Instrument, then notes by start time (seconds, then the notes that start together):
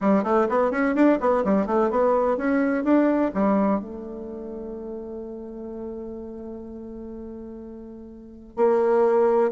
bassoon
0.00 G3
0.23 A3
0.49 B3
0.71 C#4
0.95 D4
1.20 B3
1.44 G3
1.66 A3
1.90 B3
2.37 C#4
2.84 D4
3.34 G3
3.80 A3
8.56 A#3